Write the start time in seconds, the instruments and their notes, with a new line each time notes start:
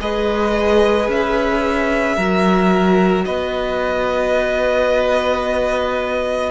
0.00 cello G#3, viola G#4, violin B4 D#5
1.09 cello C#4, violin E5
2.16 cello F#3, viola F#4, violin A#4
3.25 cello B3, violin B4 D#5